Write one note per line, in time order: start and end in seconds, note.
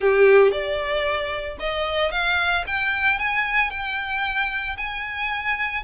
0.00 0.51 G4
0.51 1.57 D5
1.59 2.11 D#5
2.11 2.64 F5
2.66 3.18 G5
3.18 3.70 G#5
3.70 4.76 G5
4.77 5.83 G#5